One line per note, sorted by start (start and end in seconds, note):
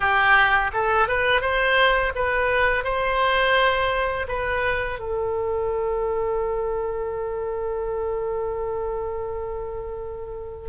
0.00 0.71 G4
0.73 1.07 A4
1.07 1.41 B4
1.41 2.12 C5
2.15 2.84 B4
2.84 4.27 C5
4.28 4.99 B4
4.99 10.69 A4